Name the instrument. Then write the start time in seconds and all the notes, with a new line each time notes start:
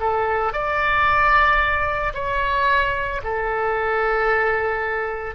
oboe
0.00 A4
0.53 D5
2.14 C#5
3.23 A4